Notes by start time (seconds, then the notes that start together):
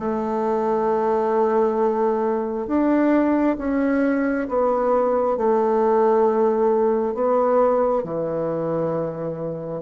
0.00 A3
2.67 D4
3.59 C#4
4.49 B3
5.38 A3
7.15 B3
8.04 E3